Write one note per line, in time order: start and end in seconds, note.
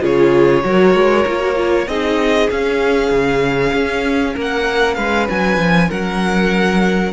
0.00 0.63 C#3
0.00 0.62 F4
0.00 0.64 G#4
0.00 1.87 C#5
0.63 0.94 F#3
0.63 1.25 F#4
0.63 1.87 A#4
0.94 1.25 G#3
1.27 1.87 A#3
1.27 1.39 F4
1.39 1.55 F#4
1.55 1.86 F4
1.87 2.48 C4
1.87 2.51 D#4
1.87 4.33 G#4
1.87 2.49 D#5
2.50 3.11 C#4
2.50 7.12 C#4
2.50 4.36 F5
3.11 3.72 C#3
3.73 4.35 C#4
4.33 4.97 A#3
4.33 4.95 A#4
4.41 4.94 F#5
4.94 5.28 G#3
4.94 5.88 B4
4.94 5.25 F5
5.29 5.57 F#3
5.29 5.90 G#5
5.57 5.88 F3
5.88 7.12 F#3
5.88 7.12 A#4
5.88 7.12 F#5